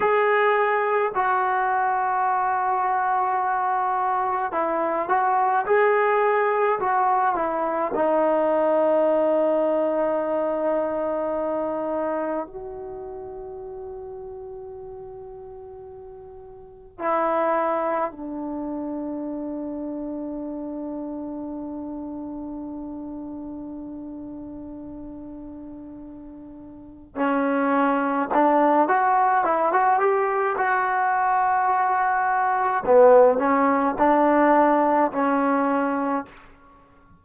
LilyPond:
\new Staff \with { instrumentName = "trombone" } { \time 4/4 \tempo 4 = 53 gis'4 fis'2. | e'8 fis'8 gis'4 fis'8 e'8 dis'4~ | dis'2. fis'4~ | fis'2. e'4 |
d'1~ | d'1 | cis'4 d'8 fis'8 e'16 fis'16 g'8 fis'4~ | fis'4 b8 cis'8 d'4 cis'4 | }